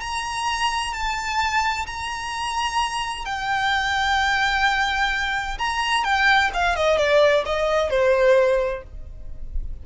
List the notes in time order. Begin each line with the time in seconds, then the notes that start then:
0.00 A#5
0.93 A5
1.86 A#5
3.25 G5
5.58 A#5
6.04 G5
6.53 F5
6.75 D#5
6.97 D5
7.45 D#5
7.89 C5